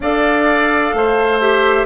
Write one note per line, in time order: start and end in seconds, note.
0.00 0.93 D4
0.00 1.40 A4
0.00 0.95 D5
0.00 1.40 F5
0.93 1.85 A3
0.93 1.85 C5
1.40 1.85 G4
1.40 1.85 E5